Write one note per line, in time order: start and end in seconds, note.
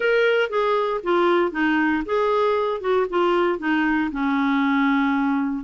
0.00 0.49 A#4
0.49 1.00 G#4
1.03 1.51 F4
1.51 2.03 D#4
2.05 2.81 G#4
2.81 3.06 F#4
3.09 3.59 F4
3.59 4.10 D#4
4.11 5.64 C#4